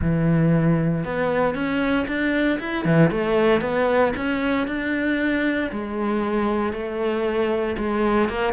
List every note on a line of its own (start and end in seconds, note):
0.01 1.04 E3
1.04 1.54 B3
1.54 2.06 C#4
2.07 2.59 D4
2.59 2.84 E4
2.84 3.10 E3
3.10 3.61 A3
3.61 4.12 B3
4.16 4.67 C#4
4.67 5.70 D4
5.71 6.72 G#3
6.72 7.76 A3
7.77 8.29 G#3
8.29 8.53 A#3